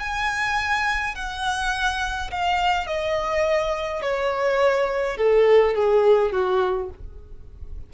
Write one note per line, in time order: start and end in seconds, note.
0.00 1.15 G#5
1.15 2.31 F#5
2.31 2.87 F5
2.87 4.02 D#5
4.02 5.17 C#5
5.17 5.75 A4
5.75 6.32 G#4
6.32 6.90 F#4